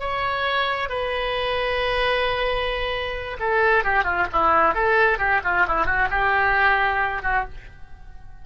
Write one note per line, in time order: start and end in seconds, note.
0.00 0.90 C#5
0.90 3.38 B4
3.40 3.84 A4
3.84 4.04 G4
4.04 4.27 F4
4.33 4.75 E4
4.75 5.19 A4
5.19 5.41 G4
5.44 5.67 F4
5.68 5.86 E4
5.86 6.09 F#4
6.11 7.23 G4
7.23 7.45 F#4